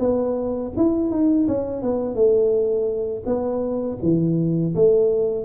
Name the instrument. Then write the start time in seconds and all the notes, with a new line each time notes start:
tuba
0.00 B3
0.77 E4
1.11 D#4
1.48 C#4
1.82 B3
2.16 A3
3.26 B3
4.03 E3
4.75 A3